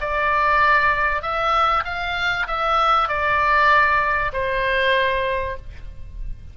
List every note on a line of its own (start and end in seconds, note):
0.00 1.22 D5
1.22 1.84 E5
1.85 2.47 F5
2.47 3.08 E5
3.08 4.32 D5
4.33 5.56 C5